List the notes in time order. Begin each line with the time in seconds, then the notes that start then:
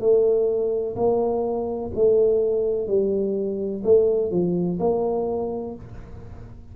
0.00 A3
0.96 A#3
1.95 A3
2.87 G3
3.84 A3
4.31 F3
4.80 A#3